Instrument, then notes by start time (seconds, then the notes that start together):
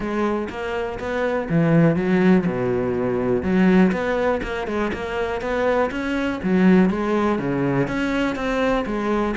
cello
0.00 G#3
0.49 A#3
0.99 B3
1.49 E3
1.96 F#3
2.46 B2
3.42 F#3
3.92 B3
4.43 A#3
4.67 G#3
4.93 A#3
5.41 B3
5.90 C#4
6.43 F#3
6.89 G#3
7.38 C#3
7.87 C#4
8.35 C4
8.85 G#3